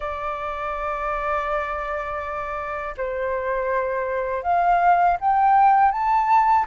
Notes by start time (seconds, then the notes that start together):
0.00 D5
2.97 C5
4.42 F5
5.20 G5
5.91 A5